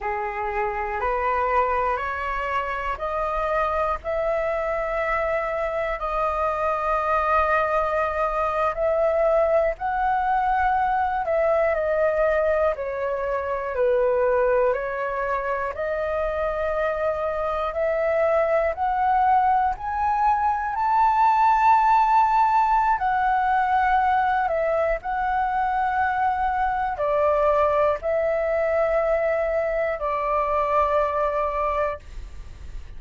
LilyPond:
\new Staff \with { instrumentName = "flute" } { \time 4/4 \tempo 4 = 60 gis'4 b'4 cis''4 dis''4 | e''2 dis''2~ | dis''8. e''4 fis''4. e''8 dis''16~ | dis''8. cis''4 b'4 cis''4 dis''16~ |
dis''4.~ dis''16 e''4 fis''4 gis''16~ | gis''8. a''2~ a''16 fis''4~ | fis''8 e''8 fis''2 d''4 | e''2 d''2 | }